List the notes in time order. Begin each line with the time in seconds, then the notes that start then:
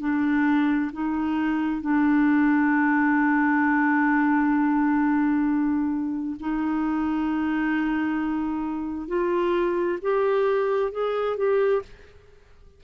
0.00 D4
0.93 D#4
1.82 D4
6.40 D#4
9.08 F4
10.02 G4
10.92 G#4
11.37 G4